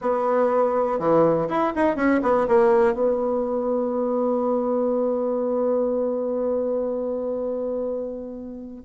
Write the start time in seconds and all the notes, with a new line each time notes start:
0.01 B3
0.99 E3
1.48 E4
1.75 D#4
1.96 C#4
2.22 B3
2.47 A#3
2.93 B3